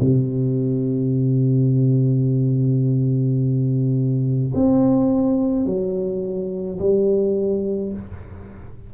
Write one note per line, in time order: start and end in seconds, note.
0.00 4.53 C3
4.55 5.66 C4
5.66 6.79 F#3
6.79 7.92 G3